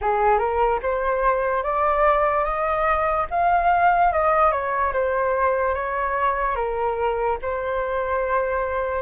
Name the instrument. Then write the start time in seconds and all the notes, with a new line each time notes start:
flute
0.01 G#4
0.38 A#4
0.82 C5
1.63 D5
2.44 D#5
3.30 F5
4.12 D#5
4.51 C#5
4.92 C5
5.74 C#5
6.55 A#4
7.42 C5